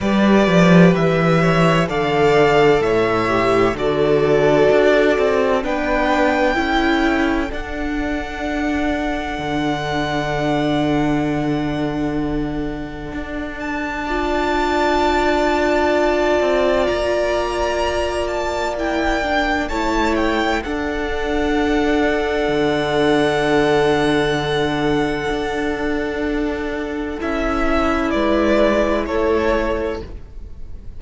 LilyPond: <<
  \new Staff \with { instrumentName = "violin" } { \time 4/4 \tempo 4 = 64 d''4 e''4 f''4 e''4 | d''2 g''2 | fis''1~ | fis''2~ fis''8 a''4.~ |
a''2 ais''4. a''8 | g''4 a''8 g''8 fis''2~ | fis''1~ | fis''4 e''4 d''4 cis''4 | }
  \new Staff \with { instrumentName = "violin" } { \time 4/4 b'4. cis''8 d''4 cis''4 | a'2 b'4 a'4~ | a'1~ | a'2. d''4~ |
d''1~ | d''4 cis''4 a'2~ | a'1~ | a'2 b'4 a'4 | }
  \new Staff \with { instrumentName = "viola" } { \time 4/4 g'2 a'4. g'8 | fis'2 d'4 e'4 | d'1~ | d'2. f'4~ |
f'1 | e'8 d'8 e'4 d'2~ | d'1~ | d'4 e'2. | }
  \new Staff \with { instrumentName = "cello" } { \time 4/4 g8 f8 e4 d4 a,4 | d4 d'8 c'8 b4 cis'4 | d'2 d2~ | d2 d'2~ |
d'4. c'8 ais2~ | ais4 a4 d'2 | d2. d'4~ | d'4 cis'4 gis4 a4 | }
>>